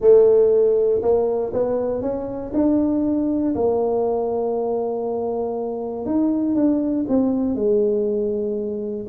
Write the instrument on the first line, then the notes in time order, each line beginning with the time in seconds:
tuba
0.00 A3
1.02 A#3
1.53 B3
2.01 C#4
2.53 D4
3.55 A#3
6.05 D#4
6.55 D4
7.08 C4
7.55 G#3